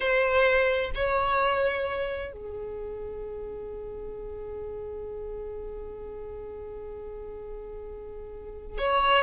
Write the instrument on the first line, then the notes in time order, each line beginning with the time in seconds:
violin
0.00 C5
0.94 C#5
2.32 G#4
8.78 C#5